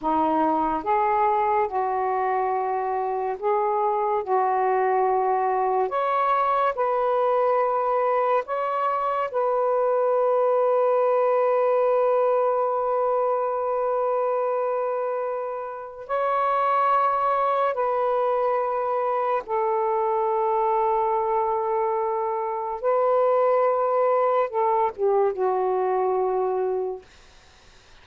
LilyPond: \new Staff \with { instrumentName = "saxophone" } { \time 4/4 \tempo 4 = 71 dis'4 gis'4 fis'2 | gis'4 fis'2 cis''4 | b'2 cis''4 b'4~ | b'1~ |
b'2. cis''4~ | cis''4 b'2 a'4~ | a'2. b'4~ | b'4 a'8 g'8 fis'2 | }